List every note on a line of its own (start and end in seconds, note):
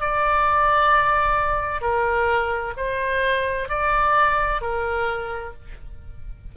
0.00 1.81 D5
1.81 2.73 A#4
2.77 3.68 C5
3.68 4.61 D5
4.61 5.53 A#4